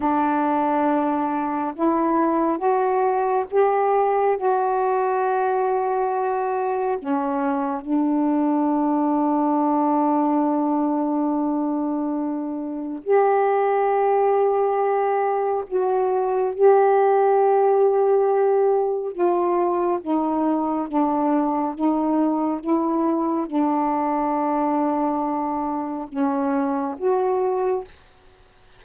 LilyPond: \new Staff \with { instrumentName = "saxophone" } { \time 4/4 \tempo 4 = 69 d'2 e'4 fis'4 | g'4 fis'2. | cis'4 d'2.~ | d'2. g'4~ |
g'2 fis'4 g'4~ | g'2 f'4 dis'4 | d'4 dis'4 e'4 d'4~ | d'2 cis'4 fis'4 | }